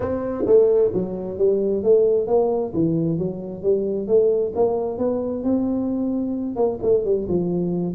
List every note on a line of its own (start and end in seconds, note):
0.00 0.44 C4
0.45 0.91 A3
0.93 1.38 F#3
1.38 1.83 G3
1.83 2.27 A3
2.27 2.72 A#3
2.73 3.18 E3
3.18 3.62 F#3
3.62 4.07 G3
4.07 4.52 A3
4.55 4.98 A#3
4.98 5.43 B3
5.43 6.56 C4
6.56 6.78 A#3
6.82 7.05 A3
7.05 7.27 G3
7.28 7.95 F3